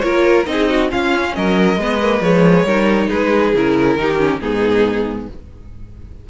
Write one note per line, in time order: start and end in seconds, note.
0.00 0.47 A#3
0.00 0.46 F4
0.00 0.49 A#4
0.00 0.44 C#5
0.46 0.91 C4
0.46 0.89 D#4
0.46 0.90 D#5
0.52 0.70 G#4
0.70 0.91 F#4
0.89 1.77 C#4
0.89 1.37 C#4
0.89 1.35 F4
0.89 1.35 F5
1.35 1.77 F#3
1.35 1.80 A#4
1.35 2.22 D#5
1.77 2.21 G#3
1.77 2.01 B3
1.77 2.65 B4
2.01 2.22 A#3
2.21 2.64 F3
2.21 2.66 G#3
2.21 3.10 C#5
2.64 3.08 G3
2.64 3.55 D#4
2.64 3.08 A#4
3.08 3.54 G#3
3.08 3.96 G#4
3.08 3.53 B4
3.54 3.97 C#3
3.54 3.99 E4
3.54 4.40 A#4
3.97 4.40 D#3
3.97 4.18 D#4
3.97 4.42 G4
4.18 4.40 C#4
4.40 5.28 G#2
4.40 5.29 B3
4.40 5.29 D#4
4.40 5.27 G#4